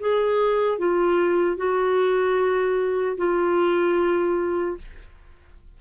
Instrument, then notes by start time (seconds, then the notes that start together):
clarinet
0.00 G#4
0.78 F4
1.57 F#4
3.17 F4